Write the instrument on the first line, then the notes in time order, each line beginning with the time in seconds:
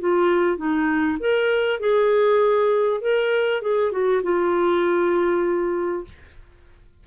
clarinet
0.00 F4
0.57 D#4
1.20 A#4
1.80 G#4
3.01 A#4
3.61 G#4
3.91 F#4
4.23 F4